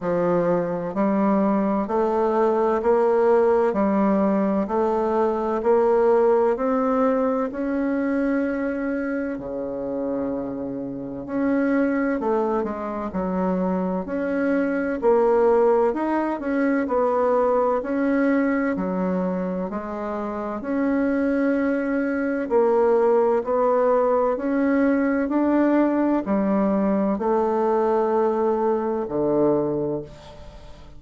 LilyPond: \new Staff \with { instrumentName = "bassoon" } { \time 4/4 \tempo 4 = 64 f4 g4 a4 ais4 | g4 a4 ais4 c'4 | cis'2 cis2 | cis'4 a8 gis8 fis4 cis'4 |
ais4 dis'8 cis'8 b4 cis'4 | fis4 gis4 cis'2 | ais4 b4 cis'4 d'4 | g4 a2 d4 | }